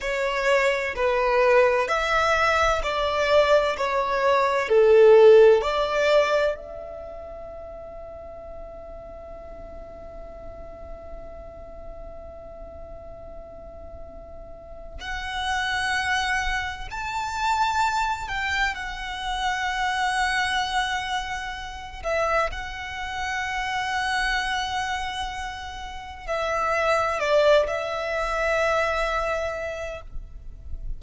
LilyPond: \new Staff \with { instrumentName = "violin" } { \time 4/4 \tempo 4 = 64 cis''4 b'4 e''4 d''4 | cis''4 a'4 d''4 e''4~ | e''1~ | e''1 |
fis''2 a''4. g''8 | fis''2.~ fis''8 e''8 | fis''1 | e''4 d''8 e''2~ e''8 | }